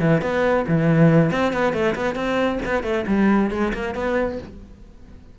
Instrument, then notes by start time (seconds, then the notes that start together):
cello
0.00 E3
0.22 B3
0.68 E3
1.31 C4
1.53 B3
1.73 A3
1.95 B3
2.15 C4
2.65 B3
2.83 A3
3.08 G3
3.51 G#3
3.74 A#3
3.95 B3